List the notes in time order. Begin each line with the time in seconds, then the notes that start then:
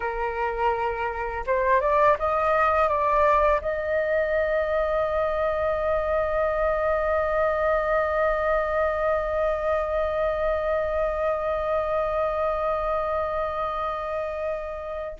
0.00 A#4
1.46 C5
1.81 D5
2.19 D#5
2.88 D5
3.61 D#5